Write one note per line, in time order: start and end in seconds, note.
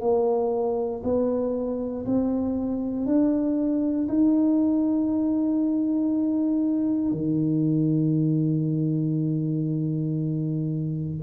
0.00 1.02 A#3
1.03 2.05 B3
2.05 3.06 C4
3.06 4.07 D4
4.08 7.11 D#4
7.11 11.18 D#3